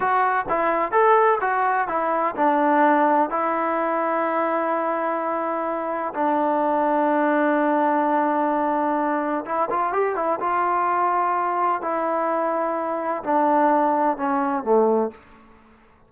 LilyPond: \new Staff \with { instrumentName = "trombone" } { \time 4/4 \tempo 4 = 127 fis'4 e'4 a'4 fis'4 | e'4 d'2 e'4~ | e'1~ | e'4 d'2.~ |
d'1 | e'8 f'8 g'8 e'8 f'2~ | f'4 e'2. | d'2 cis'4 a4 | }